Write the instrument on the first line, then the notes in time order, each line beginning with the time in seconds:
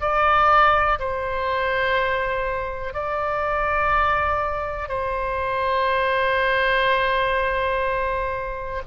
oboe
0.00 D5
0.99 C5
2.94 D5
4.88 C5